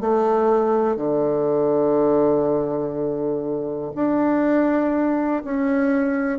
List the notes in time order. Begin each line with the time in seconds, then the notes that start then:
0.00 A3
0.96 D3
3.95 D4
5.44 C#4